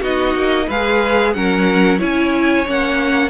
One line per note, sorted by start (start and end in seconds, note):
0.00 0.34 B3
0.00 0.68 D#4
0.00 0.66 F#4
0.00 0.69 D#5
0.34 0.67 A#3
0.66 1.35 G#3
0.66 1.35 G#4
0.66 1.32 B4
0.66 1.33 F5
1.33 2.01 F#3
1.33 1.99 C#4
1.33 1.98 A#4
1.33 1.99 F#5
1.98 2.66 C#4
1.98 2.65 E4
1.98 3.29 C#5
1.98 2.67 G#5
2.65 3.29 A#3
2.65 3.29 C#4
2.65 3.29 F#5